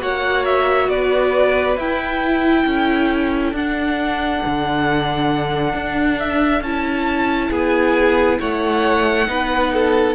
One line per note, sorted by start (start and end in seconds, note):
0.00 0.88 A#3
0.00 1.76 F#4
0.00 0.89 C#5
0.00 0.45 F#5
0.45 0.89 E5
0.88 1.76 B3
0.88 2.65 B4
0.88 1.77 D5
1.76 2.65 E4
1.76 3.54 E4
1.76 3.55 G5
2.65 3.52 C#4
2.65 7.50 A4
3.52 4.41 D4
3.52 6.64 D4
3.52 6.19 F#5
4.45 5.74 D3
5.74 6.61 D4
6.19 6.63 E5
6.61 7.49 C#4
6.61 9.26 E4
6.61 7.51 A5
7.50 8.39 B3
7.50 8.38 G#4
7.50 8.40 G#5
8.39 9.27 A3
8.39 9.28 C#5
8.39 10.15 F#5
9.26 10.15 B3
9.26 10.15 D#4
9.26 9.72 B4
9.73 10.15 A4